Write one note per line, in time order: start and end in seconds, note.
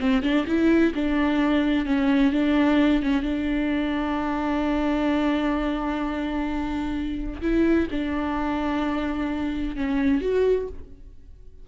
0.00 0.22 C4
0.22 0.45 D4
0.47 0.93 E4
0.95 1.86 D4
1.86 2.32 C#4
2.32 3.02 D4
3.03 3.22 C#4
3.22 7.41 D4
7.41 7.88 E4
7.91 9.76 D4
9.76 10.21 C#4
10.21 10.68 F#4